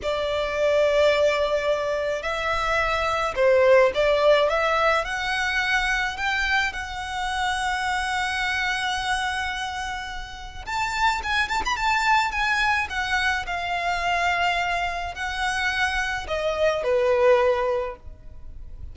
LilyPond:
\new Staff \with { instrumentName = "violin" } { \time 4/4 \tempo 4 = 107 d''1 | e''2 c''4 d''4 | e''4 fis''2 g''4 | fis''1~ |
fis''2. a''4 | gis''8 a''16 b''16 a''4 gis''4 fis''4 | f''2. fis''4~ | fis''4 dis''4 b'2 | }